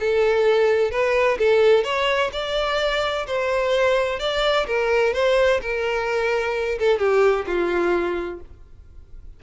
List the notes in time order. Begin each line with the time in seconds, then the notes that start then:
0.00 A4
0.91 B4
1.38 A4
1.84 C#5
2.33 D5
3.27 C5
4.20 D5
4.67 A#4
5.14 C5
5.61 A#4
6.79 A4
6.99 G4
7.47 F4